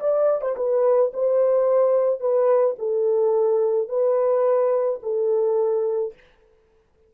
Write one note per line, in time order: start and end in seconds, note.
0.00 0.41 D5
0.41 0.55 C5
0.56 1.12 B4
1.13 2.20 C5
2.20 2.76 B4
2.78 3.89 A4
3.89 5.00 B4
5.03 6.14 A4